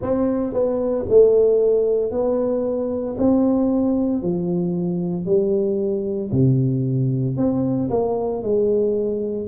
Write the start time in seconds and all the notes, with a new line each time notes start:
0.01 C4
0.53 B3
1.08 A3
2.11 B3
3.18 C4
4.22 F3
5.25 G3
6.31 C3
7.36 C4
7.89 A#3
8.42 G#3